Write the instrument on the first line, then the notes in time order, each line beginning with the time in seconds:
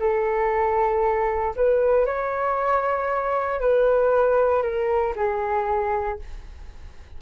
flute
0.00 A4
1.56 B4
2.06 C#5
3.60 B4
4.63 A#4
5.16 G#4